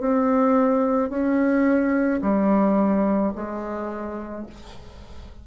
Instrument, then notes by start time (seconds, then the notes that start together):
bassoon
0.00 C4
1.10 C#4
2.22 G3
3.35 G#3